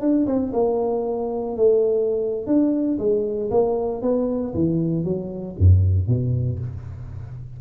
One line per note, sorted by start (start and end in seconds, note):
0.00 0.26 D4
0.26 0.52 C4
0.53 1.56 A#3
1.56 2.46 A3
2.46 2.98 D4
2.98 3.50 G#3
3.50 4.02 A#3
4.02 4.53 B3
4.54 5.04 E3
5.04 5.56 F#3
5.58 6.07 F#2
6.07 6.59 B2